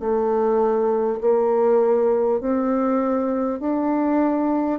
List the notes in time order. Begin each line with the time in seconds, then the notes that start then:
0.00 A3
1.21 A#3
2.41 C4
3.60 D4